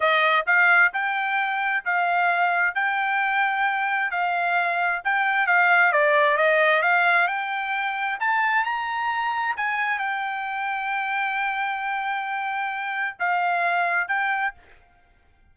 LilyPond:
\new Staff \with { instrumentName = "trumpet" } { \time 4/4 \tempo 4 = 132 dis''4 f''4 g''2 | f''2 g''2~ | g''4 f''2 g''4 | f''4 d''4 dis''4 f''4 |
g''2 a''4 ais''4~ | ais''4 gis''4 g''2~ | g''1~ | g''4 f''2 g''4 | }